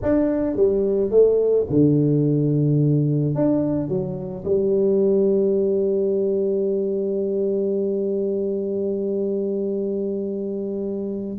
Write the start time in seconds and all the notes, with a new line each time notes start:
0.02 D4
0.56 G3
1.10 A3
1.69 D3
3.35 D4
3.88 F#3
4.44 G3